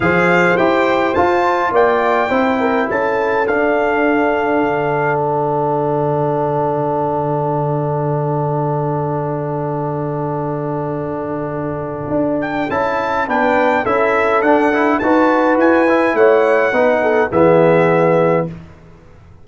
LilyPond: <<
  \new Staff \with { instrumentName = "trumpet" } { \time 4/4 \tempo 4 = 104 f''4 g''4 a''4 g''4~ | g''4 a''4 f''2~ | f''4 fis''2.~ | fis''1~ |
fis''1~ | fis''4. g''8 a''4 g''4 | e''4 fis''4 a''4 gis''4 | fis''2 e''2 | }
  \new Staff \with { instrumentName = "horn" } { \time 4/4 c''2. d''4 | c''8 ais'8 a'2.~ | a'1~ | a'1~ |
a'1~ | a'2. b'4 | a'2 b'2 | cis''4 b'8 a'8 gis'2 | }
  \new Staff \with { instrumentName = "trombone" } { \time 4/4 gis'4 g'4 f'2 | e'2 d'2~ | d'1~ | d'1~ |
d'1~ | d'2 e'4 d'4 | e'4 d'8 e'8 fis'4. e'8~ | e'4 dis'4 b2 | }
  \new Staff \with { instrumentName = "tuba" } { \time 4/4 f4 e'4 f'4 ais4 | c'4 cis'4 d'2 | d1~ | d1~ |
d1~ | d4 d'4 cis'4 b4 | cis'4 d'4 dis'4 e'4 | a4 b4 e2 | }
>>